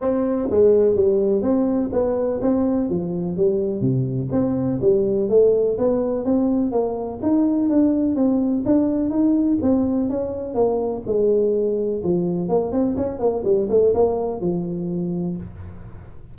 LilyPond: \new Staff \with { instrumentName = "tuba" } { \time 4/4 \tempo 4 = 125 c'4 gis4 g4 c'4 | b4 c'4 f4 g4 | c4 c'4 g4 a4 | b4 c'4 ais4 dis'4 |
d'4 c'4 d'4 dis'4 | c'4 cis'4 ais4 gis4~ | gis4 f4 ais8 c'8 cis'8 ais8 | g8 a8 ais4 f2 | }